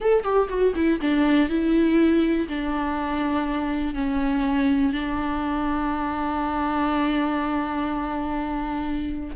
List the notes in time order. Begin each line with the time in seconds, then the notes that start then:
0.00 A4
0.23 G4
0.49 F#4
0.75 E4
1.00 D4
1.49 E4
2.48 D4
3.94 C#4
4.92 D4